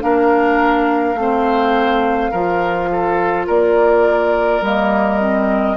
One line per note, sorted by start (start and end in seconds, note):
0.00 1.15 A#3
0.00 1.15 D4
0.00 1.19 A#4
0.00 3.48 F5
1.15 2.30 A3
1.15 2.33 C4
1.22 2.31 C5
2.31 3.49 F3
2.31 4.63 F4
2.31 2.89 A#4
2.92 3.47 A4
3.47 4.61 A#3
3.47 5.77 A#4
3.47 4.63 D5
4.61 5.77 G3
4.61 5.20 A#3
4.61 5.77 D#5
5.20 5.77 C4